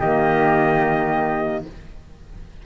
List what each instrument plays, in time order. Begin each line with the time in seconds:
0.00 cello D#3, saxophone A#3, flute G4, trumpet D#5